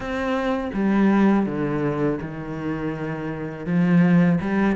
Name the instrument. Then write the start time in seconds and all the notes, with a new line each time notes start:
cello
0.00 C4
0.73 G3
1.46 D3
2.21 D#3
3.66 F3
4.41 G3